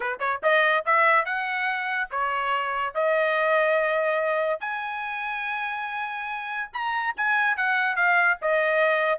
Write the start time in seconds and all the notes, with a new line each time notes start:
0.00 B4
0.19 C#5
0.43 D#5
0.85 E5
1.25 F#5
2.10 C#5
2.94 D#5
4.60 G#5
6.73 A#5
7.16 G#5
7.56 F#5
7.96 F5
8.41 D#5